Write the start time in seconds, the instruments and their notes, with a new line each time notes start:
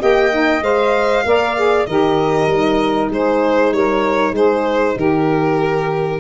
0.00 tuba A#3, saxophone G4 D#5, violin G5
0.31 saxophone D#4
0.62 tuba G#3, saxophone C5, violin F5
1.25 tuba A#3, saxophone A#4 D5
1.56 saxophone G#4
1.86 tuba D#3, saxophone G4 A#4, violin D#5
2.47 tuba G3, saxophone D#4
3.10 tuba G#3, saxophone G#4, violin C5
3.72 tuba G3, saxophone A#4, violin C#5
4.32 tuba G#3, saxophone G#4, violin C5
4.96 tuba D#3, saxophone G4, violin A#4